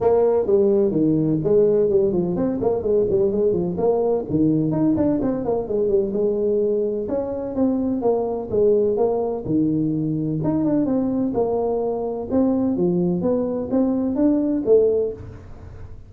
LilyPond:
\new Staff \with { instrumentName = "tuba" } { \time 4/4 \tempo 4 = 127 ais4 g4 dis4 gis4 | g8 f8 c'8 ais8 gis8 g8 gis8 f8 | ais4 dis4 dis'8 d'8 c'8 ais8 | gis8 g8 gis2 cis'4 |
c'4 ais4 gis4 ais4 | dis2 dis'8 d'8 c'4 | ais2 c'4 f4 | b4 c'4 d'4 a4 | }